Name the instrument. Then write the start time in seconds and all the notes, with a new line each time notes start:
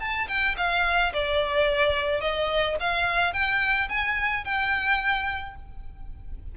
violin
0.00 A5
0.28 G5
0.57 F5
1.13 D5
2.21 D#5
2.80 F5
3.33 G5
3.89 G#5
4.44 G5